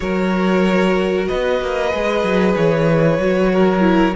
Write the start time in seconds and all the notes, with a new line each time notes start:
0.00 F#3 F#4 A#4 C#5
1.27 B3 B4 D#5
1.61 A#3
1.90 G#3 G#4
2.23 F#3
2.56 E3 C#5
3.18 F#3 F#4
3.52 A#4
3.80 E4